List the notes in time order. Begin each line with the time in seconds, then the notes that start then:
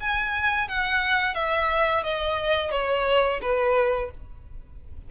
0.00 G#5
0.68 F#5
1.34 E5
2.03 D#5
2.71 C#5
3.41 B4